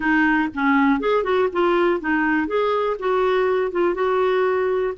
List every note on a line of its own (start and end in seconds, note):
0.00 0.48 D#4
0.54 1.00 C#4
1.00 1.23 G#4
1.23 1.48 F#4
1.52 2.00 F4
2.00 2.47 D#4
2.47 2.96 G#4
2.99 3.71 F#4
3.71 3.94 F4
3.94 4.93 F#4